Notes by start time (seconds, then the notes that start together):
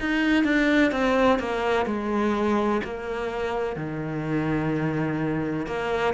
0.00 D#4
0.44 D4
0.92 C4
1.39 A#3
1.86 G#3
2.84 A#3
3.76 D#3
5.67 A#3